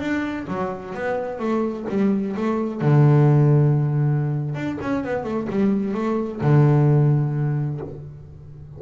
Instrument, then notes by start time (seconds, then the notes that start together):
double bass
0.00 D4
0.48 F#3
0.95 B3
1.39 A3
1.89 G3
2.37 A3
2.81 D3
4.55 D4
4.81 C#4
5.04 B3
5.24 A3
5.50 G3
5.94 A3
6.41 D3